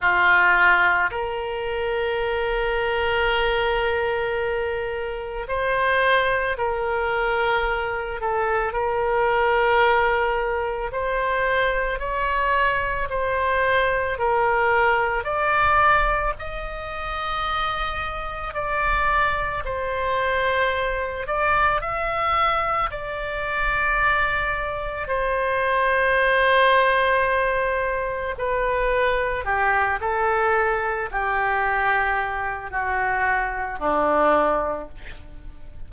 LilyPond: \new Staff \with { instrumentName = "oboe" } { \time 4/4 \tempo 4 = 55 f'4 ais'2.~ | ais'4 c''4 ais'4. a'8 | ais'2 c''4 cis''4 | c''4 ais'4 d''4 dis''4~ |
dis''4 d''4 c''4. d''8 | e''4 d''2 c''4~ | c''2 b'4 g'8 a'8~ | a'8 g'4. fis'4 d'4 | }